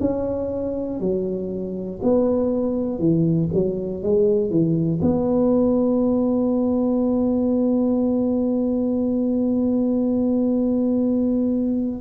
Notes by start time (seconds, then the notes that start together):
0.00 C#4
1.00 F#3
2.02 B3
2.99 E3
3.54 F#3
4.03 G#3
4.50 E3
5.02 B3